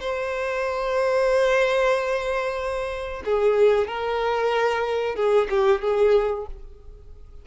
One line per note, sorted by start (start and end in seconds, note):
0.00 3.23 C5
3.25 3.87 G#4
3.87 5.15 A#4
5.15 5.48 G#4
5.50 5.81 G4
5.81 6.46 G#4